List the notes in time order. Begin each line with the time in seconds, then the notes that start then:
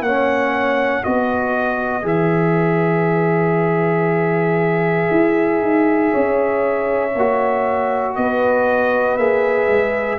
0.00 A#3 C#4 C#5 F#5
1.03 B3 F#4 B4 D#5
2.02 E3 G#4 E5
5.10 E4
5.61 D#4
6.11 C#4 C#5
7.14 A#3 F#4
8.15 B3 B4 D#5
9.17 A#3 G#4 E5
9.68 G#3